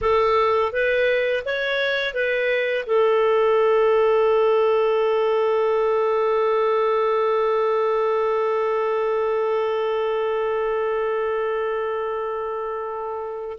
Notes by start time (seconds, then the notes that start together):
0.01 A4
0.72 B4
1.45 C#5
2.14 B4
2.86 A4